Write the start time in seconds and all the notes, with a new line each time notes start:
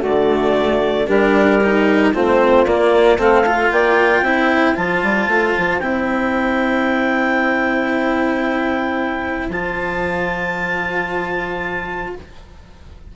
0.00 D3 A3 F#4 D5
1.06 G3 D4 G4 A#4
1.63 D#4
2.12 A3 C4 F4 C5
2.66 A#3 D5
3.17 A3 C4 A4 F5
3.46 F4
3.71 A#3 D5 G5
4.22 C4 E4 C5
4.75 F3 F4 A5
5.03 G3
5.27 A3
5.58 F3
5.79 C4 E4 G5
9.49 F3 F4 A5